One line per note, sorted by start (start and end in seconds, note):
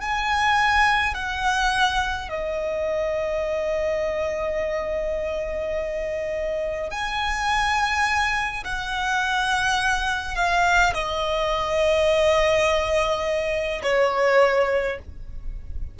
0.00 1.14 G#5
1.14 2.29 F#5
2.29 6.90 D#5
6.90 8.63 G#5
8.64 10.35 F#5
10.35 10.93 F5
10.94 13.82 D#5
13.83 14.98 C#5